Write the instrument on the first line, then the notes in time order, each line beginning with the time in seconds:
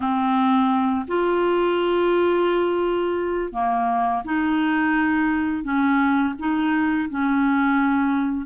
clarinet
0.00 C4
1.07 F4
3.52 A#3
4.24 D#4
5.63 C#4
6.39 D#4
7.09 C#4